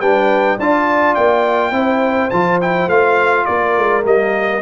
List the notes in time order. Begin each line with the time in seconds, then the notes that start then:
0.00 G3 D4 B4 G5
0.58 D4 F4 D5 A5
1.15 A#3 G5
1.71 C4 E4 C5
2.30 F3 F4 A5
2.61 E4 G5
2.87 A3 F4 F5
3.45 A#3 A#4 D5
3.77 G#3
4.03 G3 A#3 D#5